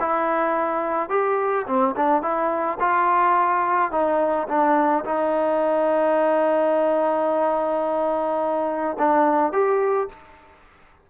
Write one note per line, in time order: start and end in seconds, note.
0.00 1.10 E4
1.10 1.66 G4
1.67 1.95 C4
1.96 2.22 D4
2.22 2.78 E4
2.80 3.91 F4
3.91 4.47 D#4
4.48 5.04 D4
5.05 8.97 D#4
8.99 9.53 D4
9.53 10.09 G4